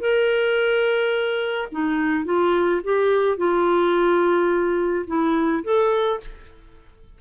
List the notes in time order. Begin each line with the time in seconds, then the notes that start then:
0.00 A#4
1.72 D#4
2.25 F4
2.84 G4
3.37 F4
5.07 E4
5.64 A4